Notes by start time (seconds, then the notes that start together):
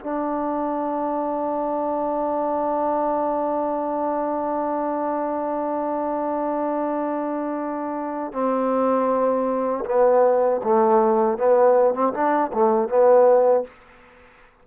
0.00 D4
8.32 C4
9.85 B3
10.63 A3
11.38 B3
11.94 C4
12.13 D4
12.53 A3
12.88 B3